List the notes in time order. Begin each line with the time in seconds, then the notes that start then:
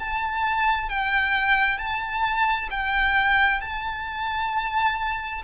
0.00 A5
0.89 G5
1.78 A5
2.71 G5
3.61 A5